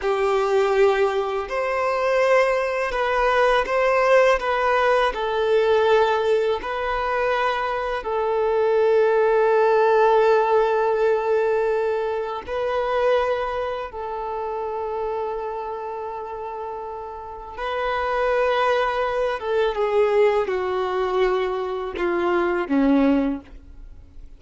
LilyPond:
\new Staff \with { instrumentName = "violin" } { \time 4/4 \tempo 4 = 82 g'2 c''2 | b'4 c''4 b'4 a'4~ | a'4 b'2 a'4~ | a'1~ |
a'4 b'2 a'4~ | a'1 | b'2~ b'8 a'8 gis'4 | fis'2 f'4 cis'4 | }